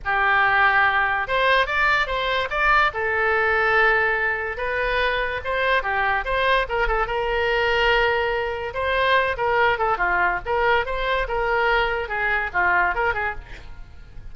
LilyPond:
\new Staff \with { instrumentName = "oboe" } { \time 4/4 \tempo 4 = 144 g'2. c''4 | d''4 c''4 d''4 a'4~ | a'2. b'4~ | b'4 c''4 g'4 c''4 |
ais'8 a'8 ais'2.~ | ais'4 c''4. ais'4 a'8 | f'4 ais'4 c''4 ais'4~ | ais'4 gis'4 f'4 ais'8 gis'8 | }